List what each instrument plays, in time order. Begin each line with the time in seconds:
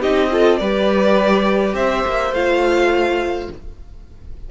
0.00 cello C4, viola D#4, violin G4 D#5
0.31 viola F4, violin A4
0.58 cello G3, viola G4, violin B4 D5
1.74 cello C4, violin C5 E5
2.07 cello A#3
2.32 cello A3, viola F4, violin F5